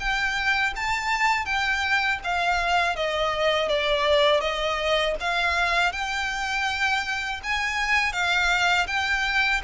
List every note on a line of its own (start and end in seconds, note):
0.00 0.74 G5
0.76 1.46 A5
1.46 2.20 G5
2.24 2.96 F5
2.96 3.69 D#5
3.69 4.41 D5
4.41 5.15 D#5
5.21 5.93 F5
5.93 7.41 G5
7.43 8.13 G#5
8.13 8.87 F5
8.88 9.62 G5